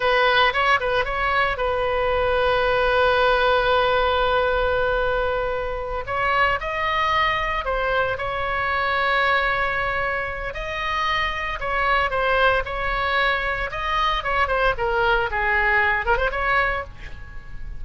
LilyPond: \new Staff \with { instrumentName = "oboe" } { \time 4/4 \tempo 4 = 114 b'4 cis''8 b'8 cis''4 b'4~ | b'1~ | b'2.~ b'8 cis''8~ | cis''8 dis''2 c''4 cis''8~ |
cis''1 | dis''2 cis''4 c''4 | cis''2 dis''4 cis''8 c''8 | ais'4 gis'4. ais'16 c''16 cis''4 | }